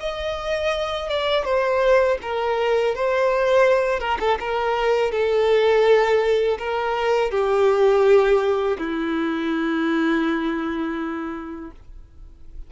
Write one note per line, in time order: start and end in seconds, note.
0.00 1.09 D#5
1.09 1.45 D5
1.45 2.18 C5
2.22 2.95 A#4
2.95 4.00 C5
4.00 4.18 A#4
4.20 4.38 A4
4.40 5.12 A#4
5.12 6.58 A4
6.59 7.31 A#4
7.31 8.77 G4
8.78 11.71 E4